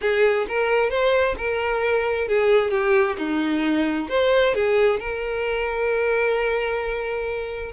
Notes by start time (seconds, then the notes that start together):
0.01 G#4
0.48 A#4
0.90 C5
1.37 A#4
2.28 G#4
2.70 G4
3.18 D#4
4.08 C5
4.54 G#4
4.99 A#4